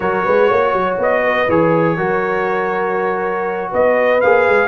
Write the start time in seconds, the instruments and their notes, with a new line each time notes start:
0.00 tuba F#3, trombone F#4, horn A#4, trumpet C#5
0.24 tuba G#3, horn B4
0.48 tuba A#3, horn C#5
0.73 tuba F#3
0.98 tuba B3, trumpet D#5
1.23 horn B4
1.48 tuba E3, trombone G#4, trumpet C#5
1.97 tuba F#3, trombone F#4, horn A#4
3.70 tuba B3, horn B4, trumpet D#5
4.20 tuba A#3, trombone G#4, trumpet F5
4.47 tuba G#3